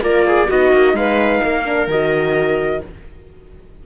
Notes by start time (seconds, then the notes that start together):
0.00 A#3 F4 A#4 D5
0.27 G#4
0.48 B3 D#4 F#4 D#5
0.72 A#3
0.93 G#3 B4 F5
1.44 A#3 A#4
1.65 D4
1.87 D#3 F#4 D#5